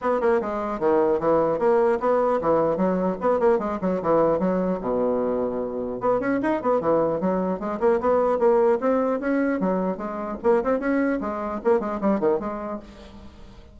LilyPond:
\new Staff \with { instrumentName = "bassoon" } { \time 4/4 \tempo 4 = 150 b8 ais8 gis4 dis4 e4 | ais4 b4 e4 fis4 | b8 ais8 gis8 fis8 e4 fis4 | b,2. b8 cis'8 |
dis'8 b8 e4 fis4 gis8 ais8 | b4 ais4 c'4 cis'4 | fis4 gis4 ais8 c'8 cis'4 | gis4 ais8 gis8 g8 dis8 gis4 | }